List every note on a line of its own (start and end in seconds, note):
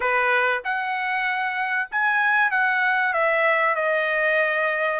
0.00 0.62 B4
0.64 1.89 F#5
1.91 2.51 G#5
2.51 3.13 F#5
3.13 3.75 E5
3.75 4.99 D#5